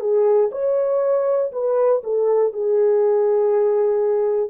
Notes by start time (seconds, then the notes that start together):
0.00 G#4
0.51 C#5
1.52 B4
2.04 A4
2.53 G#4